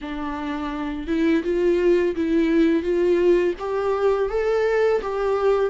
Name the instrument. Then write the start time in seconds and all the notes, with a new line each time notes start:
viola
0.01 D4
1.07 E4
1.43 F4
2.15 E4
2.82 F4
3.59 G4
4.29 A4
5.01 G4